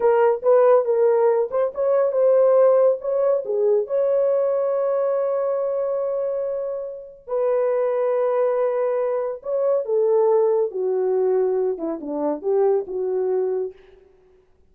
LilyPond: \new Staff \with { instrumentName = "horn" } { \time 4/4 \tempo 4 = 140 ais'4 b'4 ais'4. c''8 | cis''4 c''2 cis''4 | gis'4 cis''2.~ | cis''1~ |
cis''4 b'2.~ | b'2 cis''4 a'4~ | a'4 fis'2~ fis'8 e'8 | d'4 g'4 fis'2 | }